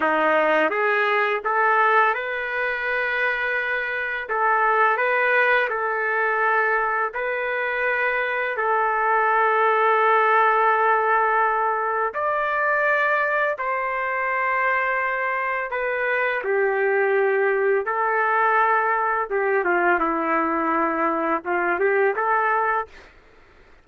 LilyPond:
\new Staff \with { instrumentName = "trumpet" } { \time 4/4 \tempo 4 = 84 dis'4 gis'4 a'4 b'4~ | b'2 a'4 b'4 | a'2 b'2 | a'1~ |
a'4 d''2 c''4~ | c''2 b'4 g'4~ | g'4 a'2 g'8 f'8 | e'2 f'8 g'8 a'4 | }